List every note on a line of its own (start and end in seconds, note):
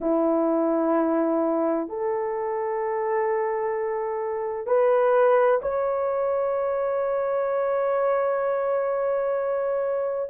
0.00 1.88 E4
1.88 4.66 A4
4.66 5.60 B4
5.62 10.29 C#5